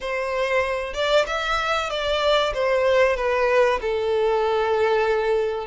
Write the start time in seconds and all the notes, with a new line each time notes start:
0.01 C5
0.93 D5
1.27 E5
1.90 D5
2.54 C5
3.16 B4
3.81 A4